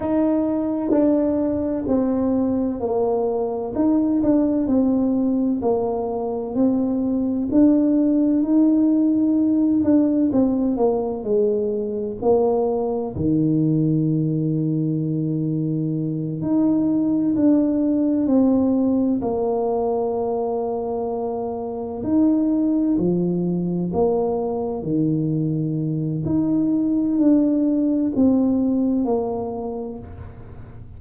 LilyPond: \new Staff \with { instrumentName = "tuba" } { \time 4/4 \tempo 4 = 64 dis'4 d'4 c'4 ais4 | dis'8 d'8 c'4 ais4 c'4 | d'4 dis'4. d'8 c'8 ais8 | gis4 ais4 dis2~ |
dis4. dis'4 d'4 c'8~ | c'8 ais2. dis'8~ | dis'8 f4 ais4 dis4. | dis'4 d'4 c'4 ais4 | }